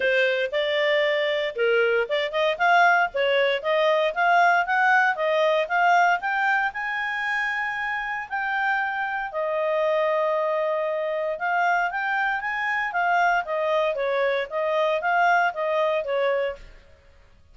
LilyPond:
\new Staff \with { instrumentName = "clarinet" } { \time 4/4 \tempo 4 = 116 c''4 d''2 ais'4 | d''8 dis''8 f''4 cis''4 dis''4 | f''4 fis''4 dis''4 f''4 | g''4 gis''2. |
g''2 dis''2~ | dis''2 f''4 g''4 | gis''4 f''4 dis''4 cis''4 | dis''4 f''4 dis''4 cis''4 | }